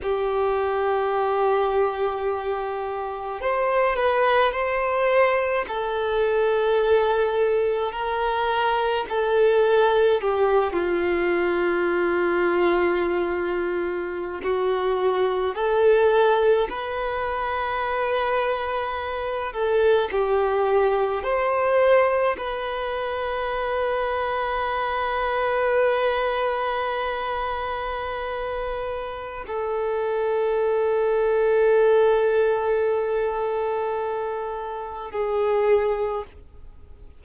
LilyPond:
\new Staff \with { instrumentName = "violin" } { \time 4/4 \tempo 4 = 53 g'2. c''8 b'8 | c''4 a'2 ais'4 | a'4 g'8 f'2~ f'8~ | f'8. fis'4 a'4 b'4~ b'16~ |
b'4~ b'16 a'8 g'4 c''4 b'16~ | b'1~ | b'2 a'2~ | a'2. gis'4 | }